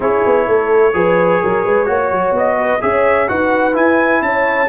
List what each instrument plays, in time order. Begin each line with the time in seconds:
0.00 tuba C#4, trombone E4, horn G#4, trumpet C#5
0.26 tuba B3
0.46 tuba A3, horn A4
0.93 tuba F3, trombone G#4, horn B4
1.42 tuba F#3, horn A#4
1.64 tuba G#3, horn B4
1.85 tuba A#3, trombone F#4, horn C#5
2.11 tuba F#3
2.31 tuba B3
2.37 trumpet D#5
2.58 horn B4
2.81 tuba C#4, trombone G#4, horn C#5, trumpet E5
3.28 tuba D#4, trombone F#4, horn B4, trumpet F#5
3.73 trombone E4, tuba E4, trumpet G#5
4.21 tuba C#4, horn C#5, trumpet A5